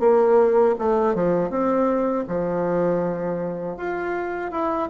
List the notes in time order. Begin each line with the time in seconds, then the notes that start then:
0.00 A#3
0.78 A3
1.15 F3
1.50 C4
2.28 F3
3.77 F4
4.51 E4